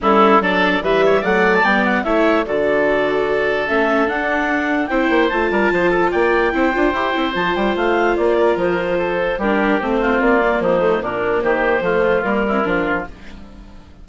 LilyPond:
<<
  \new Staff \with { instrumentName = "clarinet" } { \time 4/4 \tempo 4 = 147 a'4 d''4 e''4 fis''8. a''16 | g''8 fis''8 e''4 d''2~ | d''4 e''4 fis''2 | g''4 a''2 g''4~ |
g''2 a''8 g''8 f''4 | d''4 c''2 ais'4 | c''4 d''4 c''4 ais'4 | c''2 ais'2 | }
  \new Staff \with { instrumentName = "oboe" } { \time 4/4 e'4 a'4 b'8 cis''8 d''4~ | d''4 cis''4 a'2~ | a'1 | c''4. ais'8 c''8 a'8 d''4 |
c''1~ | c''8 ais'4. a'4 g'4~ | g'8 f'4. dis'4 d'4 | g'4 f'4. e'8 f'4 | }
  \new Staff \with { instrumentName = "viola" } { \time 4/4 cis'4 d'4 g4 a4 | b4 e'4 fis'2~ | fis'4 cis'4 d'2 | e'4 f'2. |
e'8 f'8 g'8 e'8 f'2~ | f'2. d'4 | c'4. ais4 a8 ais4~ | ais4 a4 ais8 c'8 d'4 | }
  \new Staff \with { instrumentName = "bassoon" } { \time 4/4 g4 fis4 e4 fis4 | g4 a4 d2~ | d4 a4 d'2 | c'8 ais8 a8 g8 f4 ais4 |
c'8 d'8 e'8 c'8 f8 g8 a4 | ais4 f2 g4 | a4 ais4 f4 ais,4 | dis4 f4 g4 f4 | }
>>